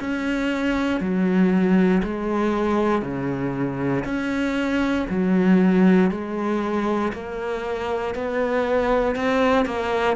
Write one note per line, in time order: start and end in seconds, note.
0.00 1.01 C#4
1.01 2.02 F#3
2.03 3.02 G#3
3.02 4.04 C#3
4.04 5.06 C#4
5.10 6.11 F#3
6.11 7.12 G#3
7.13 8.15 A#3
8.15 9.16 B3
9.16 9.66 C4
9.66 10.16 A#3